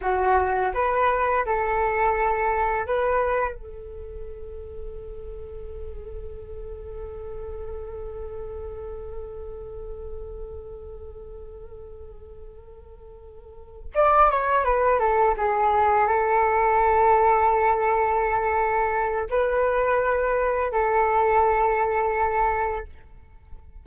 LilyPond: \new Staff \with { instrumentName = "flute" } { \time 4/4 \tempo 4 = 84 fis'4 b'4 a'2 | b'4 a'2.~ | a'1~ | a'1~ |
a'2.~ a'8 d''8 | cis''8 b'8 a'8 gis'4 a'4.~ | a'2. b'4~ | b'4 a'2. | }